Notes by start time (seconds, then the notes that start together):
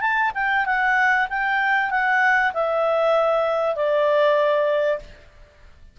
0.00 A5
0.34 G5
0.65 F#5
1.29 G5
1.90 F#5
2.53 E5
3.75 D5